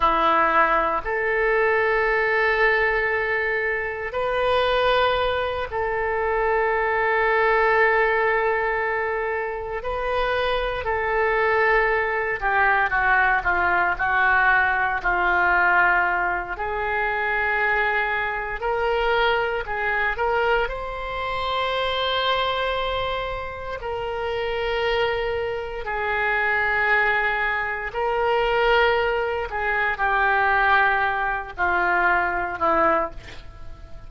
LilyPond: \new Staff \with { instrumentName = "oboe" } { \time 4/4 \tempo 4 = 58 e'4 a'2. | b'4. a'2~ a'8~ | a'4. b'4 a'4. | g'8 fis'8 f'8 fis'4 f'4. |
gis'2 ais'4 gis'8 ais'8 | c''2. ais'4~ | ais'4 gis'2 ais'4~ | ais'8 gis'8 g'4. f'4 e'8 | }